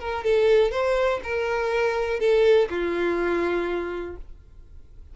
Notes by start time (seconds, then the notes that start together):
0.00 A#4
0.24 A4
0.72 C5
1.24 A#4
2.20 A4
2.70 F4